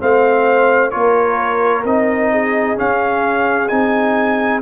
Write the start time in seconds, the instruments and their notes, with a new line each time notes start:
0.00 tuba A3, trombone C4, horn C5, trumpet F5
0.91 tuba A#3, trombone F4, horn A#4, trumpet C#5
1.84 tuba C4, trombone D#4, trumpet D#5
2.32 horn G#4
2.76 trombone C#4, tuba C#4, trumpet F5
3.68 tuba C4, trombone D#4, trumpet G#5